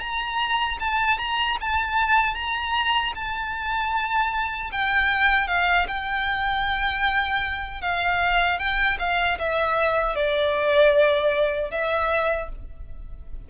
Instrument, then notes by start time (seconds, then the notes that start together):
violin
0.00 A#5
0.80 A5
1.18 A#5
1.60 A5
2.35 A#5
3.15 A5
4.72 G5
5.48 F5
5.88 G5
7.81 F5
8.59 G5
8.99 F5
9.39 E5
10.15 D5
11.71 E5